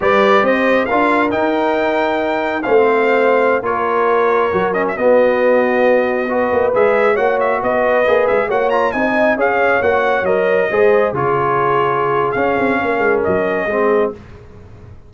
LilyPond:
<<
  \new Staff \with { instrumentName = "trumpet" } { \time 4/4 \tempo 4 = 136 d''4 dis''4 f''4 g''4~ | g''2 f''2~ | f''16 cis''2~ cis''8 dis''16 e''16 dis''8.~ | dis''2.~ dis''16 e''8.~ |
e''16 fis''8 e''8 dis''4. e''8 fis''8 ais''16~ | ais''16 gis''4 f''4 fis''4 dis''8.~ | dis''4~ dis''16 cis''2~ cis''8. | f''2 dis''2 | }
  \new Staff \with { instrumentName = "horn" } { \time 4/4 b'4 c''4 ais'2~ | ais'2 c''2~ | c''16 ais'2. fis'8.~ | fis'2~ fis'16 b'4.~ b'16~ |
b'16 cis''4 b'2 cis''8.~ | cis''16 dis''4 cis''2~ cis''8.~ | cis''16 c''4 gis'2~ gis'8.~ | gis'4 ais'2 gis'4 | }
  \new Staff \with { instrumentName = "trombone" } { \time 4/4 g'2 f'4 dis'4~ | dis'2 cis'16 c'4.~ c'16~ | c'16 f'2 fis'8 cis'8 b8.~ | b2~ b16 fis'4 gis'8.~ |
gis'16 fis'2 gis'4 fis'8 f'16~ | f'16 dis'4 gis'4 fis'4 ais'8.~ | ais'16 gis'4 f'2~ f'8. | cis'2. c'4 | }
  \new Staff \with { instrumentName = "tuba" } { \time 4/4 g4 c'4 d'4 dis'4~ | dis'2 a2~ | a16 ais2 fis4 b8.~ | b2~ b8. ais8 gis8.~ |
gis16 ais4 b4 ais8 gis8 ais8.~ | ais16 c'4 cis'4 ais4 fis8.~ | fis16 gis4 cis2~ cis8. | cis'8 c'8 ais8 gis8 fis4 gis4 | }
>>